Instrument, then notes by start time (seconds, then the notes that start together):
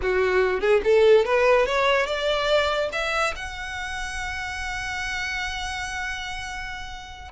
violin
0.02 F#4
0.60 G#4
0.84 A4
1.25 B4
1.66 C#5
2.06 D5
2.92 E5
3.35 F#5